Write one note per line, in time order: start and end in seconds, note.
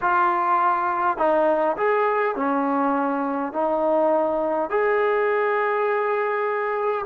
0.01 1.17 F4
1.17 1.76 D#4
1.76 2.35 G#4
2.35 3.52 C#4
3.52 4.70 D#4
4.70 7.05 G#4